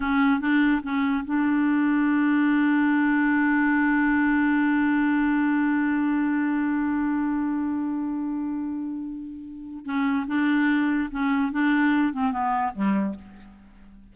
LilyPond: \new Staff \with { instrumentName = "clarinet" } { \time 4/4 \tempo 4 = 146 cis'4 d'4 cis'4 d'4~ | d'1~ | d'1~ | d'1~ |
d'1~ | d'1 | cis'4 d'2 cis'4 | d'4. c'8 b4 g4 | }